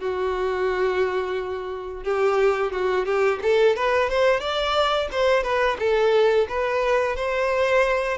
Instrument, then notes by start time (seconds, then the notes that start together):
violin
0.00 F#4
2.04 G4
2.72 F#4
3.06 G4
3.42 A4
3.76 B4
4.10 C5
4.40 D5
5.12 C5
5.43 B4
5.79 A4
6.49 B4
7.16 C5